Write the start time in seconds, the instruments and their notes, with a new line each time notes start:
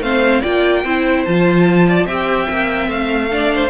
0.00 cello A3, viola C4, violin C5 F5
0.41 cello A#3, viola F4, violin D5 G5
0.84 cello C4, viola E4, violin C5
1.25 cello F3, viola F4, violin A5
1.88 violin D5
2.06 cello C4, viola G4, violin E5 G5
2.46 cello A#3, viola C4
2.88 cello A3, violin F5
3.31 viola D4, violin D5
3.55 violin C5